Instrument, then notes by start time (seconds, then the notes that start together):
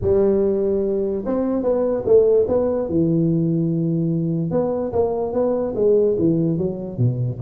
tuba
0.01 G3
1.25 C4
1.63 B3
2.05 A3
2.48 B3
2.88 E3
4.50 B3
4.92 A#3
5.33 B3
5.75 G#3
6.18 E3
6.57 F#3
6.97 B2